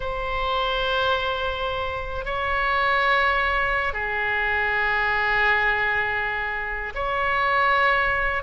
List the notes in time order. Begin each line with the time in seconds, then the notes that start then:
0.00 C5
2.25 C#5
3.93 G#4
6.94 C#5